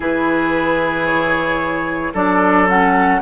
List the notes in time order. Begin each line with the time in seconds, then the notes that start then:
0.00 E3 E4 G#4 B4
1.06 C#5
2.13 F#3 D4 A4 D5
2.67 C#4 F#5